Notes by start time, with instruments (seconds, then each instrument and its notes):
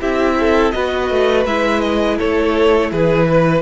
0.00 cello C4, viola E4, violin G4 E5
0.40 violin A4
0.72 cello B3, viola F#4, violin B4 D#5
1.11 cello A3
1.46 cello G#3, viola E4, violin E5
1.81 violin D#5
2.18 cello A3, violin A4 C#5
2.92 cello E3, violin G#4 B4
3.29 violin B4